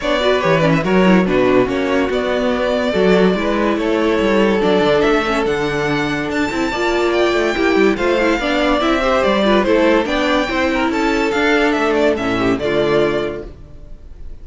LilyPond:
<<
  \new Staff \with { instrumentName = "violin" } { \time 4/4 \tempo 4 = 143 d''4 cis''8 d''16 e''16 cis''4 b'4 | cis''4 d''2.~ | d''4 cis''2 d''4 | e''4 fis''2 a''4~ |
a''4 g''2 f''4~ | f''4 e''4 d''4 c''4 | g''2 a''4 f''4 | e''8 d''8 e''4 d''2 | }
  \new Staff \with { instrumentName = "violin" } { \time 4/4 cis''8 b'4. ais'4 fis'4~ | fis'2. a'4 | b'4 a'2.~ | a'1 |
d''2 g'4 c''4 | d''4. c''4 b'8 a'4 | d''4 c''8 ais'8 a'2~ | a'4. g'8 f'2 | }
  \new Staff \with { instrumentName = "viola" } { \time 4/4 d'8 fis'8 g'8 cis'8 fis'8 e'8 d'4 | cis'4 b2 fis'4 | e'2. d'4~ | d'8 cis'8 d'2~ d'8 e'8 |
f'2 e'4 f'8 e'8 | d'4 e'8 g'4 f'8 e'4 | d'4 e'2 d'4~ | d'4 cis'4 a2 | }
  \new Staff \with { instrumentName = "cello" } { \time 4/4 b4 e4 fis4 b,4 | ais4 b2 fis4 | gis4 a4 g4 fis8 d8 | a4 d2 d'8 c'8 |
ais4. a8 ais8 g8 a4 | b4 c'4 g4 a4 | b4 c'4 cis'4 d'4 | a4 a,4 d2 | }
>>